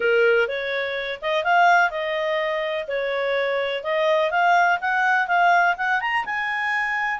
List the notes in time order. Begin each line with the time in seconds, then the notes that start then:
0.00 A#4
0.47 C#5
1.21 D#5
1.44 F5
1.90 D#5
2.87 C#5
3.83 D#5
4.30 F5
4.80 F#5
5.27 F5
5.77 F#5
6.00 A#5
6.25 G#5